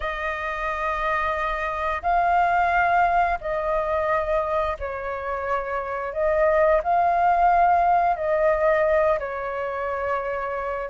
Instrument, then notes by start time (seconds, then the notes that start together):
flute
0.00 D#5
2.02 F5
3.40 D#5
4.79 C#5
6.13 D#5
6.83 F5
8.16 D#5
9.19 C#5